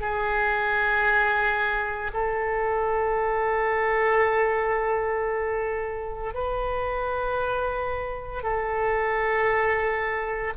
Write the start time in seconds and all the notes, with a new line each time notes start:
0.00 G#4
2.13 A4
6.33 B4
8.42 A4